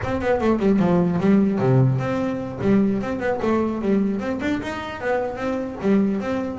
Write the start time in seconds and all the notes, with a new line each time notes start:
0.03 C4
0.21 B3
0.41 A3
0.59 G3
0.79 F3
1.20 G3
1.59 C3
1.99 C4
2.61 G3
3.01 C4
3.19 B3
3.42 A3
3.81 G3
4.19 C4
4.41 D4
4.62 D#4
5.01 B3
5.35 C4
5.81 G3
6.20 C4